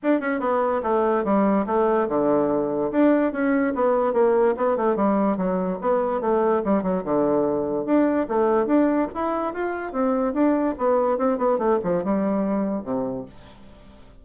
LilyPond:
\new Staff \with { instrumentName = "bassoon" } { \time 4/4 \tempo 4 = 145 d'8 cis'8 b4 a4 g4 | a4 d2 d'4 | cis'4 b4 ais4 b8 a8 | g4 fis4 b4 a4 |
g8 fis8 d2 d'4 | a4 d'4 e'4 f'4 | c'4 d'4 b4 c'8 b8 | a8 f8 g2 c4 | }